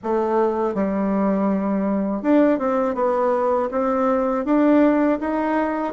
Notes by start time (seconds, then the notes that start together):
0.03 A3
0.74 G3
2.22 D4
2.59 C4
2.95 B3
3.71 C4
4.45 D4
5.20 D#4